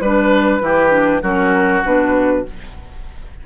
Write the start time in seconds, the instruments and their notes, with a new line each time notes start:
0.00 bassoon G3, clarinet D4, flute B4, oboe B4
0.61 bassoon E3, clarinet E4, oboe G4
0.90 clarinet D4
1.22 bassoon F#3, clarinet C#4, oboe F#4, flute A#4
1.84 bassoon B2, clarinet D4, flute B4